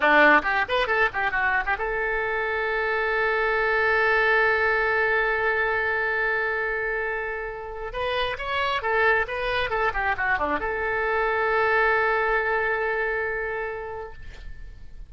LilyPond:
\new Staff \with { instrumentName = "oboe" } { \time 4/4 \tempo 4 = 136 d'4 g'8 b'8 a'8 g'8 fis'8. g'16 | a'1~ | a'1~ | a'1~ |
a'2 b'4 cis''4 | a'4 b'4 a'8 g'8 fis'8 d'8 | a'1~ | a'1 | }